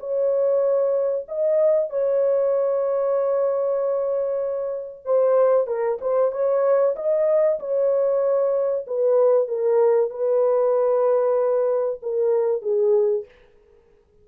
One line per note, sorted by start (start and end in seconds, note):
0.00 1.26 C#5
1.29 1.90 D#5
1.90 5.06 C#5
5.06 5.67 C5
5.67 5.99 A#4
6.01 6.32 C5
6.32 6.95 C#5
6.96 7.59 D#5
7.60 8.86 C#5
8.87 9.48 B4
9.48 10.11 A#4
10.11 12.00 B4
12.03 12.62 A#4
12.62 13.25 G#4